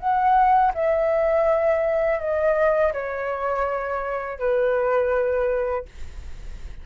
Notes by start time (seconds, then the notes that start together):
0.00 F#5
0.75 E5
2.20 D#5
2.93 C#5
4.40 B4